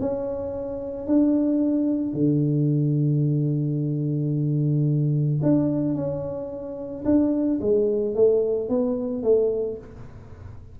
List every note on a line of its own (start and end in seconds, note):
0.00 1.07 C#4
1.07 2.13 D4
2.13 5.40 D3
5.42 5.95 D4
5.95 7.04 C#4
7.05 7.59 D4
7.61 8.15 G#3
8.15 8.69 A3
8.69 9.23 B3
9.23 9.77 A3